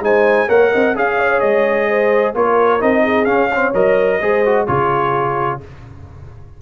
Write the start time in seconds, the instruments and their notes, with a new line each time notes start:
0.00 tuba G#3, trombone D#4, horn C5, trumpet G#5
0.48 tuba A#3, trombone A#4, horn C#5, trumpet F#5
0.72 tuba C4, horn D#5
0.95 tuba C#4, trombone G#4, horn F5, trumpet F5
1.19 horn C#5
1.40 tuba G#3, trumpet D#5
1.89 horn C5
2.35 tuba A#3, trombone F4, horn A#4, trumpet C#5
2.80 tuba C4, trombone D#4, trumpet D#5
3.03 horn G#4
3.25 trombone C#4, tuba C#4, trumpet F5
3.50 trombone C4, horn C#5
3.74 tuba F#3, trombone A#4, trumpet D#5
4.21 tuba G#3, trombone G#4, horn C5
4.46 trombone F#4
4.67 tuba C#3, trombone F4, horn G#4, trumpet C#5